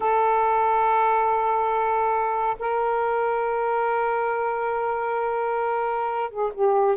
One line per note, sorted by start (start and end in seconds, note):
0.00 2.57 A4
2.59 6.30 A#4
6.30 6.51 G#4
6.54 6.96 G4